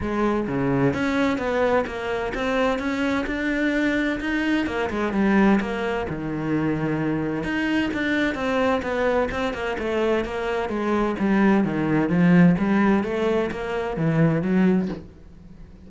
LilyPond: \new Staff \with { instrumentName = "cello" } { \time 4/4 \tempo 4 = 129 gis4 cis4 cis'4 b4 | ais4 c'4 cis'4 d'4~ | d'4 dis'4 ais8 gis8 g4 | ais4 dis2. |
dis'4 d'4 c'4 b4 | c'8 ais8 a4 ais4 gis4 | g4 dis4 f4 g4 | a4 ais4 e4 fis4 | }